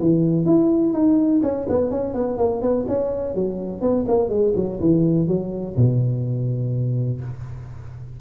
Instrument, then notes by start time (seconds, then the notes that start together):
tuba
0.00 E3
0.45 E4
0.93 D#4
1.43 C#4
1.69 B3
1.91 C#4
2.14 B3
2.38 A#3
2.61 B3
2.88 C#4
3.35 F#3
3.81 B3
4.08 A#3
4.29 G#3
4.56 F#3
4.80 E3
5.28 F#3
5.77 B2